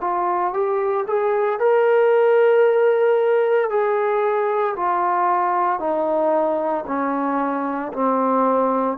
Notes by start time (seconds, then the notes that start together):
0.00 F4
0.53 G4
1.07 G#4
1.59 A#4
3.69 G#4
4.76 F4
5.79 D#4
6.87 C#4
7.92 C4